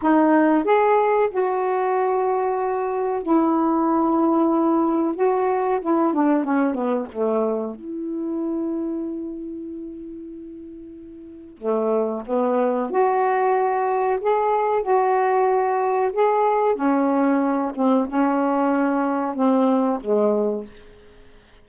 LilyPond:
\new Staff \with { instrumentName = "saxophone" } { \time 4/4 \tempo 4 = 93 dis'4 gis'4 fis'2~ | fis'4 e'2. | fis'4 e'8 d'8 cis'8 b8 a4 | e'1~ |
e'2 a4 b4 | fis'2 gis'4 fis'4~ | fis'4 gis'4 cis'4. c'8 | cis'2 c'4 gis4 | }